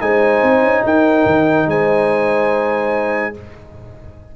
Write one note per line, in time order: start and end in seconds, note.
0.00 0.42 G#3
0.00 3.33 D#4
0.00 0.84 C5
0.00 0.84 G#5
0.42 0.62 C4
0.62 0.83 C#4
0.83 1.25 D#4
0.83 1.68 A#4
0.83 1.69 G5
1.25 1.66 D#3
1.66 3.33 G#3
1.66 3.35 C5
1.66 3.36 G#5